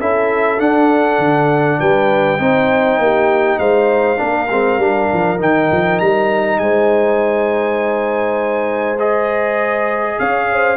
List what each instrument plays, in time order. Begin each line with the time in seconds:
0.00 tuba C#4, trombone E4, horn A4, trumpet E5
0.58 trombone D4, tuba D4, trumpet F#5
1.19 tuba D3
1.80 tuba G3, horn B4, trumpet G5
2.39 tuba C4, trombone D#4, horn C5
2.98 tuba A#3, horn G4
3.58 tuba G#3, horn C5, trumpet F5
4.16 tuba A#3, trombone D4, horn A#4
4.50 tuba G#3, trombone C4
4.78 tuba G3, trombone D4
5.13 tuba F3
5.37 tuba D#3, trombone D#4, trumpet G5
5.72 tuba F3
5.99 tuba G3, trumpet A#5
6.58 tuba G#3, horn C5, trumpet G#5
8.99 trombone G#4, trumpet D#5
10.19 tuba C#4, horn C#5, trumpet F5
10.52 horn C5